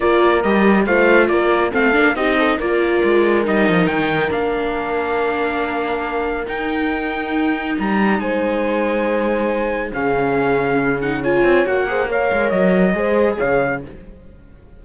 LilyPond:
<<
  \new Staff \with { instrumentName = "trumpet" } { \time 4/4 \tempo 4 = 139 d''4 dis''4 f''4 d''4 | f''4 dis''4 d''2 | dis''4 g''4 f''2~ | f''2. g''4~ |
g''2 ais''4 gis''4~ | gis''2. f''4~ | f''4. fis''8 gis''4 fis''4 | f''4 dis''2 f''4 | }
  \new Staff \with { instrumentName = "horn" } { \time 4/4 ais'2 c''4 ais'4 | a'4 g'8 a'8 ais'2~ | ais'1~ | ais'1~ |
ais'2. c''4~ | c''2. gis'4~ | gis'2 cis''4. c''8 | cis''2 c''4 cis''4 | }
  \new Staff \with { instrumentName = "viola" } { \time 4/4 f'4 g'4 f'2 | c'8 d'8 dis'4 f'2 | dis'2 d'2~ | d'2. dis'4~ |
dis'1~ | dis'2. cis'4~ | cis'4. dis'8 f'4 fis'8 gis'8 | ais'2 gis'2 | }
  \new Staff \with { instrumentName = "cello" } { \time 4/4 ais4 g4 a4 ais4 | a8 ais8 c'4 ais4 gis4 | g8 f8 dis4 ais2~ | ais2. dis'4~ |
dis'2 g4 gis4~ | gis2. cis4~ | cis2~ cis8 c'8 ais4~ | ais8 gis8 fis4 gis4 cis4 | }
>>